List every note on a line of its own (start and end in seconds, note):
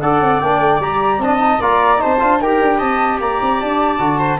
0.00 0.20 D4
0.00 0.42 A4
0.00 1.22 D5
0.00 0.40 F#5
0.20 0.40 C4
0.40 0.59 A#3
0.40 0.81 D4
0.40 0.80 G5
0.59 0.79 A3
0.79 1.18 G3
0.79 1.21 G4
0.79 1.21 A#5
1.18 1.58 C4
1.18 1.39 D4
1.18 1.61 D#5
1.18 1.61 A5
1.39 1.59 D#4
1.61 2.01 A#3
1.61 1.97 F4
1.61 2.01 D5
1.61 2.01 A#5
1.97 2.17 D#4
1.97 2.41 C5
1.97 2.41 A5
2.04 2.21 C4
2.19 2.40 D4
2.19 2.39 F4
2.40 2.60 D#4
2.40 3.99 G4
2.40 2.78 A#4
2.40 2.79 G5
2.61 2.80 D4
2.78 3.20 C4
2.78 3.18 D#5
2.78 3.19 A5
3.20 3.40 A#3
3.20 4.18 D5
3.20 3.60 A#5
3.41 3.61 C4
3.60 3.99 D4
3.60 4.39 A5
3.99 4.39 D3
3.99 4.39 F#4
4.18 4.38 C5